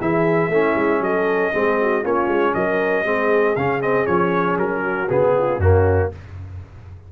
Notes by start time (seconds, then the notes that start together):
0.00 E3 E4 G#4 E5
0.49 A3 C#4 E4
0.75 G#3
1.00 F#3 A4 D#5
1.53 G#3 C4 G#4
1.81 F#4
2.02 A#3 C#4 F4 C#5
2.28 G#3
2.54 F#3 A#4 D#5
3.04 G#3 C4 G#4
3.56 C#3 C#4 F5
3.81 C4 D#5
4.06 F3 C#4 C#5
4.57 F#3 A#4
4.82 F#4
5.09 C#3 B3 G#4
5.37 F4
5.58 F#2 A#3 C#4 F#4